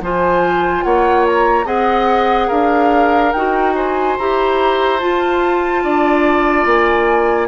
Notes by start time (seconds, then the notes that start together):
0.00 F3 F4 C5 G#5
0.83 A#3 C#5 F#5
1.26 A#5
1.64 C4 G#4 D#5 F#5
2.47 D4 A#4 F5
3.32 D#4 F#4 G5
3.75 C5 G#5
4.17 E4 G4 A#5
4.99 F4 A5
5.83 D4 D5
6.65 A#3 G#5